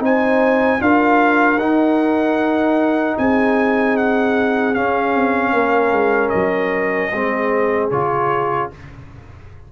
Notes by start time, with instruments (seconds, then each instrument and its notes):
0.00 tuba C4, trombone D#4, horn C5, trumpet G#5
0.79 tuba D4, trombone F4, horn A#4, trumpet F5
1.57 tuba D#4, trombone D#4, trumpet F#5
3.18 tuba C4, horn G#4, trumpet G#5
3.97 trumpet F#5
4.74 trombone C#4, tuba C#4, trumpet F5
5.15 tuba C4
5.53 tuba A#3, horn A#4
5.91 tuba G#3
6.29 tuba F#3, trumpet D#5
7.12 tuba G#3, trombone C4, horn G#4
7.91 tuba C#3, trombone F4, trumpet C#5